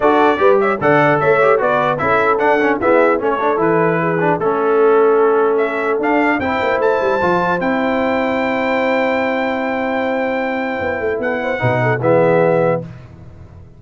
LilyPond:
<<
  \new Staff \with { instrumentName = "trumpet" } { \time 4/4 \tempo 4 = 150 d''4. e''8 fis''4 e''4 | d''4 e''4 fis''4 e''4 | cis''4 b'2 a'4~ | a'2 e''4 f''4 |
g''4 a''2 g''4~ | g''1~ | g''1 | fis''2 e''2 | }
  \new Staff \with { instrumentName = "horn" } { \time 4/4 a'4 b'8 cis''8 d''4 cis''4 | b'4 a'2 gis'4 | a'2 gis'4 a'4~ | a'1 |
c''1~ | c''1~ | c''1 | a'8 c''8 b'8 a'8 gis'2 | }
  \new Staff \with { instrumentName = "trombone" } { \time 4/4 fis'4 g'4 a'4. g'8 | fis'4 e'4 d'8 cis'8 b4 | cis'8 d'8 e'4. d'8 cis'4~ | cis'2. d'4 |
e'2 f'4 e'4~ | e'1~ | e'1~ | e'4 dis'4 b2 | }
  \new Staff \with { instrumentName = "tuba" } { \time 4/4 d'4 g4 d4 a4 | b4 cis'4 d'4 e'4 | a4 e2 a4~ | a2. d'4 |
c'8 ais8 a8 g8 f4 c'4~ | c'1~ | c'2. b8 a8 | b4 b,4 e2 | }
>>